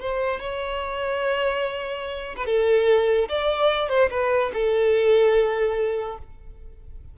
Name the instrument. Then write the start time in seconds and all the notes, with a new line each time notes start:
violin
0.00 C5
0.40 C#5
2.36 B4
2.46 A4
3.29 D5
3.89 C5
4.10 B4
4.53 A4